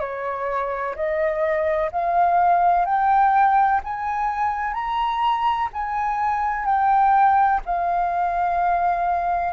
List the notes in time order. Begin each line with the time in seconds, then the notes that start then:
0.00 C#5
0.96 D#5
1.92 F5
2.86 G5
3.84 G#5
4.74 A#5
5.73 G#5
6.65 G5
7.65 F5